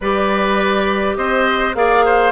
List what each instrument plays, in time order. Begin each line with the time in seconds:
0.00 bassoon G3, clarinet G4, oboe B4, flute D5
1.16 bassoon C4, oboe C5, flute D#5
1.74 bassoon A#3, clarinet G#4, oboe D5, flute F5
2.05 oboe C5